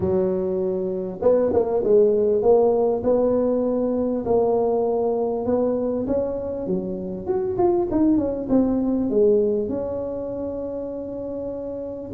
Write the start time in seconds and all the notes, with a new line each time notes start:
0.00 F#3
1.21 B3
1.53 A#3
1.83 G#3
2.41 A#3
3.03 B3
4.25 A#3
5.45 B3
6.07 C#4
6.66 F#3
7.26 F#4
7.57 F4
7.91 D#4
8.17 C#4
8.49 C4
9.09 G#3
9.68 C#4